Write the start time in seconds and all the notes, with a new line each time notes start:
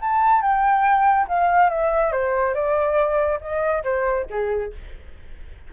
0.00 A5
0.41 G5
1.28 F5
1.69 E5
2.12 C5
2.54 D5
3.40 D#5
3.83 C5
4.30 G#4